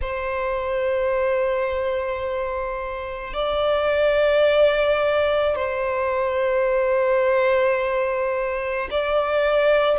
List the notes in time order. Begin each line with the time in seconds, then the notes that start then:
0.01 C5
3.33 D5
5.55 C5
8.90 D5